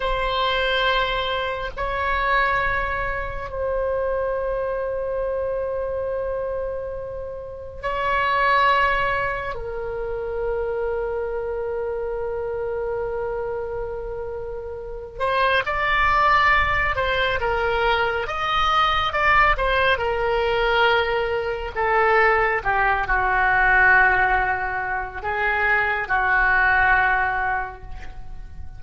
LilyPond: \new Staff \with { instrumentName = "oboe" } { \time 4/4 \tempo 4 = 69 c''2 cis''2 | c''1~ | c''4 cis''2 ais'4~ | ais'1~ |
ais'4. c''8 d''4. c''8 | ais'4 dis''4 d''8 c''8 ais'4~ | ais'4 a'4 g'8 fis'4.~ | fis'4 gis'4 fis'2 | }